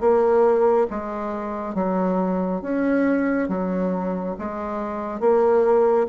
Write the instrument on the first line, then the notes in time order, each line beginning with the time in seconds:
bassoon
0.00 A#3
0.90 G#3
1.75 F#3
2.62 C#4
3.49 F#3
4.38 G#3
5.20 A#3